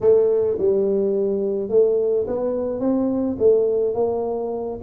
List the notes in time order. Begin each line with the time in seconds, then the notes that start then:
0.00 A3
0.58 G3
1.69 A3
2.27 B3
2.80 C4
3.38 A3
3.94 A#3